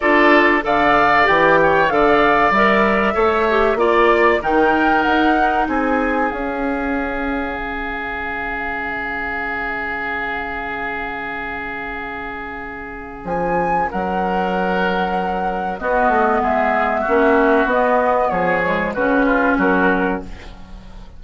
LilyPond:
<<
  \new Staff \with { instrumentName = "flute" } { \time 4/4 \tempo 4 = 95 d''4 f''4 g''4 f''4 | e''2 d''4 g''4 | fis''4 gis''4 f''2~ | f''1~ |
f''1~ | f''4 gis''4 fis''2~ | fis''4 dis''4 e''2 | dis''4 cis''4 b'4 ais'4 | }
  \new Staff \with { instrumentName = "oboe" } { \time 4/4 a'4 d''4. cis''8 d''4~ | d''4 cis''4 d''4 ais'4~ | ais'4 gis'2.~ | gis'1~ |
gis'1~ | gis'2 ais'2~ | ais'4 fis'4 gis'4 fis'4~ | fis'4 gis'4 fis'8 f'8 fis'4 | }
  \new Staff \with { instrumentName = "clarinet" } { \time 4/4 f'4 a'4 g'4 a'4 | ais'4 a'8 g'8 f'4 dis'4~ | dis'2 cis'2~ | cis'1~ |
cis'1~ | cis'1~ | cis'4 b2 cis'4 | b4. gis8 cis'2 | }
  \new Staff \with { instrumentName = "bassoon" } { \time 4/4 d'4 d4 e4 d4 | g4 a4 ais4 dis4 | dis'4 c'4 cis'2 | cis1~ |
cis1~ | cis4 f4 fis2~ | fis4 b8 a8 gis4 ais4 | b4 f4 cis4 fis4 | }
>>